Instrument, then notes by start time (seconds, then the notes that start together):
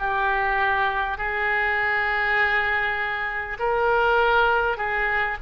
oboe
0.00 G4
1.18 G#4
3.60 A#4
4.78 G#4